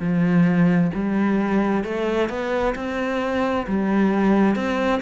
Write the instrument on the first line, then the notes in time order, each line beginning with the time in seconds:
cello
0.00 F3
0.94 G3
1.84 A3
2.29 B3
2.76 C4
3.68 G3
4.56 C4